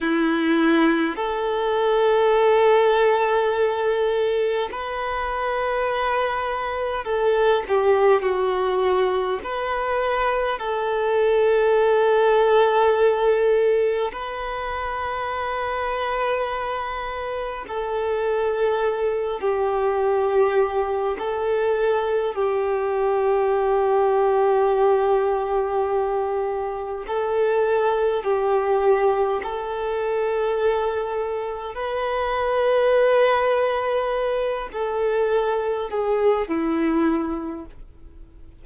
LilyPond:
\new Staff \with { instrumentName = "violin" } { \time 4/4 \tempo 4 = 51 e'4 a'2. | b'2 a'8 g'8 fis'4 | b'4 a'2. | b'2. a'4~ |
a'8 g'4. a'4 g'4~ | g'2. a'4 | g'4 a'2 b'4~ | b'4. a'4 gis'8 e'4 | }